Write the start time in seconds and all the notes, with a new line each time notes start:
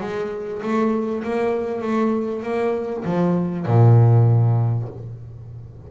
0.00 G#3
0.62 A3
1.23 A#3
1.81 A3
2.42 A#3
3.04 F3
3.65 A#2